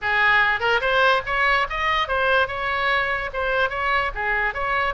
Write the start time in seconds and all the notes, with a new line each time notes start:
0.01 G#4
0.59 A#4
0.80 C5
1.25 C#5
1.69 D#5
2.08 C5
2.47 C#5
3.33 C5
3.69 C#5
4.15 G#4
4.53 C#5